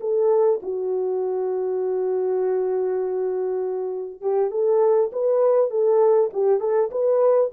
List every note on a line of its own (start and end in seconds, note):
0.00 0.60 A4
0.62 4.21 F#4
4.21 4.50 G4
4.50 5.10 A4
5.12 5.70 B4
5.70 6.30 A4
6.33 6.60 G4
6.60 6.90 A4
6.91 7.51 B4